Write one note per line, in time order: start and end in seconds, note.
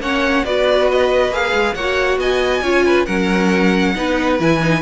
0.00 0.44 A#3
0.00 0.44 C#4
0.00 0.45 C#5
0.00 0.45 F#5
0.44 1.30 B3
0.44 1.32 F#4
0.44 1.75 B4
0.44 0.89 D5
0.92 1.34 D#5
1.30 1.52 A#3
1.30 1.76 G#4
1.30 1.75 F5
1.53 1.75 G#3
1.75 2.18 A#3
1.75 2.63 F#4
1.75 2.19 C#5
1.75 2.18 F#5
2.18 2.61 B3
2.18 2.62 D#5
2.18 3.06 G#5
2.62 3.06 C#4
2.62 3.07 F4
2.62 2.84 C#5
2.86 3.06 B4
3.06 3.95 F#3
3.06 3.95 C#4
3.06 3.94 A#4
3.06 4.37 F#5
3.95 4.40 B3
3.95 4.39 D#4
3.95 4.82 B4
4.39 4.82 E3
4.39 4.61 E4
4.39 4.82 G#5
4.62 4.82 D#4